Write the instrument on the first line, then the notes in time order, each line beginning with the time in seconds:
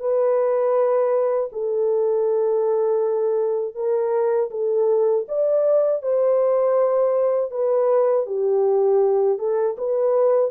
horn
0.00 B4
1.53 A4
3.75 A#4
4.51 A4
5.29 D5
6.02 C5
7.51 B4
8.27 G4
9.39 A4
9.78 B4